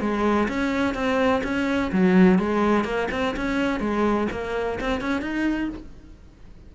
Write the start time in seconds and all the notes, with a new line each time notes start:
0.00 G#3
0.48 C#4
0.94 C4
1.43 C#4
1.92 F#3
2.38 G#3
2.84 A#3
3.11 C4
3.36 C#4
3.80 G#3
4.31 A#3
4.80 C4
5.01 C#4
5.21 D#4